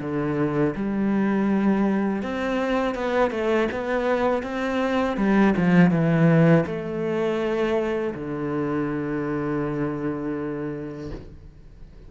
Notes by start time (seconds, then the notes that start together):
0.00 D3
0.75 G3
2.22 C4
2.94 B3
3.31 A3
3.71 B3
4.42 C4
5.16 G3
5.56 F3
5.90 E3
6.66 A3
8.14 D3